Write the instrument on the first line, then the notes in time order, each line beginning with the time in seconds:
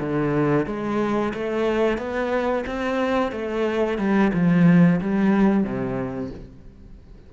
cello
0.00 D3
0.66 G#3
1.34 A3
1.98 B3
2.67 C4
3.32 A3
3.98 G3
4.34 F3
5.01 G3
5.64 C3